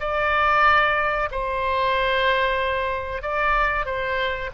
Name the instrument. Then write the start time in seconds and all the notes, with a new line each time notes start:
oboe
0.00 D5
1.31 C5
3.22 D5
3.86 C5